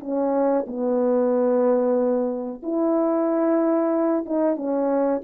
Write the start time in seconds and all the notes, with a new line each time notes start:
0.00 C#4
0.67 B3
2.63 E4
4.25 D#4
4.56 C#4